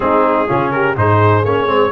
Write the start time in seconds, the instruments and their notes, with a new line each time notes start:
0.00 tuba G#3, trombone C4, horn D#4, trumpet G#4
0.47 tuba C#3, trombone C#4, horn F4
0.70 horn G4, trumpet A#4
0.95 tuba G#2, trombone D#4, horn G#4, trumpet C5
1.44 tuba A#3, trombone C#4, trumpet C#5
1.66 tuba G#3, trombone C4